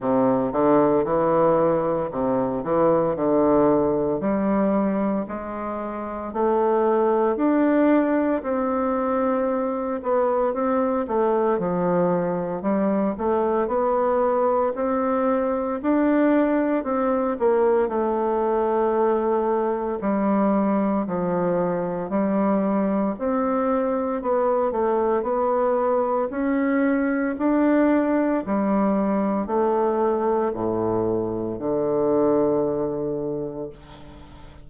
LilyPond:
\new Staff \with { instrumentName = "bassoon" } { \time 4/4 \tempo 4 = 57 c8 d8 e4 c8 e8 d4 | g4 gis4 a4 d'4 | c'4. b8 c'8 a8 f4 | g8 a8 b4 c'4 d'4 |
c'8 ais8 a2 g4 | f4 g4 c'4 b8 a8 | b4 cis'4 d'4 g4 | a4 a,4 d2 | }